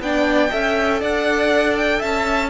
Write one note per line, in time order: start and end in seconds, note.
0.00 0.50 B3
0.00 0.51 D4
0.00 0.52 D5
0.00 1.02 G5
0.51 1.02 C#4
0.51 2.50 A4
0.51 1.01 E5
1.01 2.02 D4
1.01 1.99 D5
1.01 1.77 F#5
1.77 2.02 G5
1.99 2.50 C#4
1.99 2.49 E5
1.99 2.50 A5